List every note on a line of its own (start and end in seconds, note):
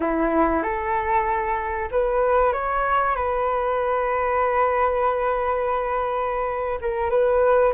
0.00 0.63 E4
0.63 1.89 A4
1.91 2.53 B4
2.53 3.16 C#5
3.16 6.79 B4
6.81 7.10 A#4
7.10 7.73 B4